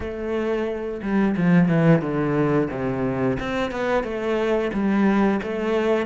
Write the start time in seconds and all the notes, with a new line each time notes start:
0.00 A3
1.02 G3
1.36 F3
1.68 E3
2.01 D3
2.70 C3
3.39 C4
3.71 B3
4.03 A3
4.73 G3
5.42 A3